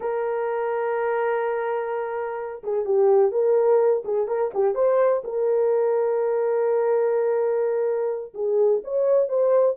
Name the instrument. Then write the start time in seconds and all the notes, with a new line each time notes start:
horn
0.00 A#4
2.63 G#4
2.85 G4
3.31 A#4
4.05 G#4
4.27 A#4
4.54 G4
4.74 C5
5.24 A#4
8.34 G#4
8.84 C#5
9.28 C5